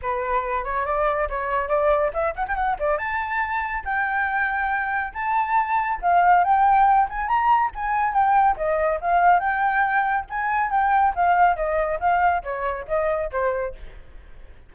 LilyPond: \new Staff \with { instrumentName = "flute" } { \time 4/4 \tempo 4 = 140 b'4. cis''8 d''4 cis''4 | d''4 e''8 fis''16 g''16 fis''8 d''8 a''4~ | a''4 g''2. | a''2 f''4 g''4~ |
g''8 gis''8 ais''4 gis''4 g''4 | dis''4 f''4 g''2 | gis''4 g''4 f''4 dis''4 | f''4 cis''4 dis''4 c''4 | }